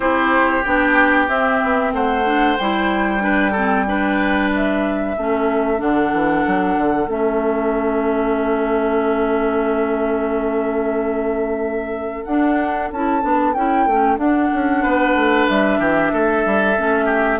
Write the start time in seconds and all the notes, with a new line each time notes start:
0.00 C4 E4 G4 C5
0.63 B3 D4 G5
1.28 C4 E5
1.63 B3
1.92 A3 C5 F#5
2.25 D4
2.57 G3 E4 G5
3.19 D4 B4
3.51 C4 A4
3.87 D4 B4
4.55 E5
5.17 A3 C#4 A4
5.77 D3 D4 F#5
6.12 E3
6.46 F#3
6.77 D3
7.07 A3 C#4 E5
12.24 D4 F#5
12.91 C#4 E4 A5
13.21 B3 D4
13.53 C#4 E4 G5
13.86 A3 C#4
14.16 D4 F#5
14.53 C#4
14.82 B3 B4
15.14 A3
15.48 G3 E5
15.78 E3 G4
16.13 A3 A4
16.45 G3
16.76 A3 C#4
17.05 G4